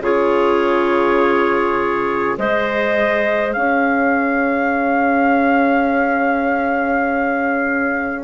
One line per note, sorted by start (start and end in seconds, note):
0.00 2.35 C#3
0.00 2.38 F4
0.00 2.38 G#4
0.00 2.39 C#5
2.38 3.55 G#3
2.38 8.24 G#4
2.38 3.55 C5
2.38 3.53 D#5
3.53 8.24 C#4
3.53 8.24 C#5
3.53 8.24 F5